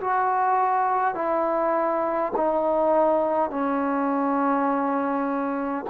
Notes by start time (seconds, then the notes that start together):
0.00 F#4
1.14 E4
2.36 D#4
3.50 C#4